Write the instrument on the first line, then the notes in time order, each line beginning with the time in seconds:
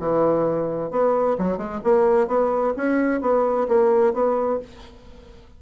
bassoon
0.00 E3
0.91 B3
1.39 F#3
1.58 G#3
1.84 A#3
2.28 B3
2.77 C#4
3.21 B3
3.68 A#3
4.14 B3